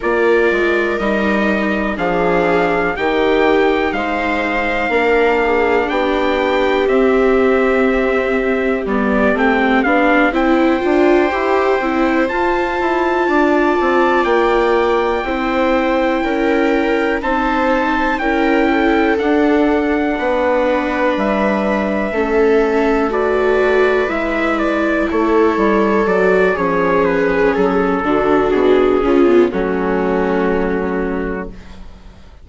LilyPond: <<
  \new Staff \with { instrumentName = "trumpet" } { \time 4/4 \tempo 4 = 61 d''4 dis''4 f''4 g''4 | f''2 g''4 e''4~ | e''4 d''8 g''8 f''8 g''4.~ | g''8 a''2 g''4.~ |
g''4. a''4 g''4 fis''8~ | fis''4. e''2 d''8~ | d''8 e''8 d''8 cis''4 d''8 cis''8 b'8 | a'4 gis'4 fis'2 | }
  \new Staff \with { instrumentName = "viola" } { \time 4/4 ais'2 gis'4 g'4 | c''4 ais'8 gis'8 g'2~ | g'2~ g'8 c''4.~ | c''4. d''2 c''8~ |
c''8 ais'4 c''4 ais'8 a'4~ | a'8 b'2 a'4 b'8~ | b'4. a'4. gis'4~ | gis'8 fis'4 f'8 cis'2 | }
  \new Staff \with { instrumentName = "viola" } { \time 4/4 f'4 dis'4 d'4 dis'4~ | dis'4 d'2 c'4~ | c'4 b8 c'8 d'8 e'8 f'8 g'8 | e'8 f'2. e'8~ |
e'4. dis'4 e'4 d'8~ | d'2~ d'8 cis'4 fis'8~ | fis'8 e'2 fis'8 cis'4~ | cis'8 d'4 cis'16 b16 a2 | }
  \new Staff \with { instrumentName = "bassoon" } { \time 4/4 ais8 gis8 g4 f4 dis4 | gis4 ais4 b4 c'4~ | c'4 g8 a8 b8 c'8 d'8 e'8 | c'8 f'8 e'8 d'8 c'8 ais4 c'8~ |
c'8 cis'4 c'4 cis'4 d'8~ | d'8 b4 g4 a4.~ | a8 gis4 a8 g8 fis8 f4 | fis8 d8 b,8 cis8 fis2 | }
>>